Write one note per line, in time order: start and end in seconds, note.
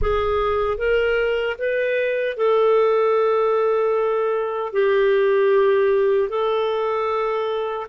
0.01 0.77 G#4
0.77 1.56 A#4
1.58 2.36 B4
2.36 4.73 A4
4.73 6.29 G4
6.29 7.87 A4